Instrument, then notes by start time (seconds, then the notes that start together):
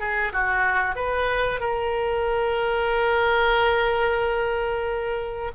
oboe
0.00 G#4
0.33 F#4
0.96 B4
1.61 A#4